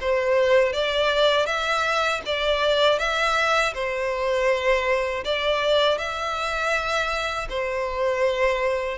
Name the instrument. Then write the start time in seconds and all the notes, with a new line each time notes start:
violin
0.00 C5
0.72 D5
1.46 E5
2.25 D5
2.98 E5
3.74 C5
5.24 D5
5.97 E5
7.49 C5